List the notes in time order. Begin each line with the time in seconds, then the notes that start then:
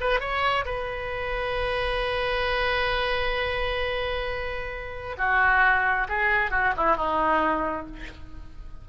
0.00 B4
0.19 C#5
0.65 B4
5.17 F#4
6.08 G#4
6.50 F#4
6.76 E4
6.96 D#4